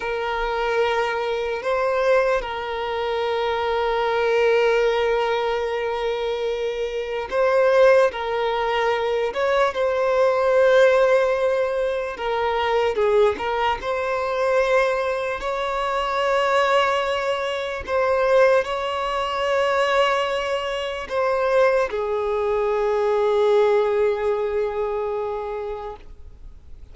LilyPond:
\new Staff \with { instrumentName = "violin" } { \time 4/4 \tempo 4 = 74 ais'2 c''4 ais'4~ | ais'1~ | ais'4 c''4 ais'4. cis''8 | c''2. ais'4 |
gis'8 ais'8 c''2 cis''4~ | cis''2 c''4 cis''4~ | cis''2 c''4 gis'4~ | gis'1 | }